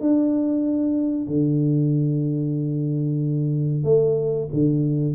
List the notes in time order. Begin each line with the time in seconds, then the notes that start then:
0.00 D4
1.27 D3
3.84 A3
4.52 D3